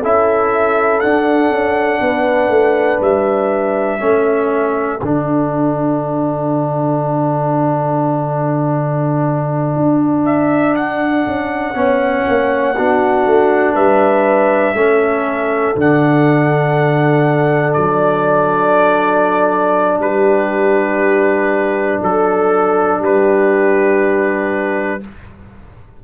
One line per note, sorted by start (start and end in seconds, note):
0.00 1.03 C#4
0.00 1.02 E4
0.00 2.00 A4
0.00 1.00 E5
1.00 3.99 D4
1.00 1.50 D4
1.00 3.00 F#5
1.50 2.00 C#4
2.01 2.48 B3
2.01 4.01 B4
2.48 2.98 A3
3.00 4.00 G3
3.00 5.01 E5
3.99 5.01 A3
3.99 4.99 C#4
3.99 11.76 A4
5.01 9.76 D3
5.01 11.75 D4
5.01 10.25 F#5
9.76 11.26 D4
10.25 10.75 E5
10.75 13.75 F#5
11.26 11.75 C#4
11.75 12.25 B3
11.75 12.75 C#4
11.75 12.74 C#5
12.28 12.78 A#3
12.74 13.26 B3
12.74 14.75 D4
12.74 13.74 F#4
13.26 13.76 A3
13.74 14.74 G3
13.74 14.74 B4
13.74 15.75 E5
14.74 15.74 A3
14.74 15.75 C#4
14.74 20.01 A4
15.76 17.76 D3
15.76 25.01 D4
15.76 17.73 F#5
17.73 19.99 F#3
17.73 19.98 D5
19.99 21.99 G3
19.99 22.02 G4
19.99 22.01 B4
22.02 23.01 F#3
22.02 22.99 A4
22.02 23.03 A4
22.99 25.01 G3
22.99 24.99 G4
22.99 25.04 B4